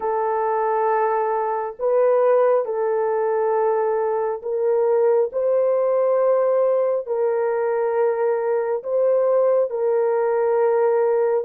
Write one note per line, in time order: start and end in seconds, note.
0.00 1.76 A4
1.79 2.65 B4
2.65 4.41 A4
4.42 5.30 A#4
5.32 7.06 C5
7.06 8.82 A#4
8.83 9.69 C5
9.69 11.44 A#4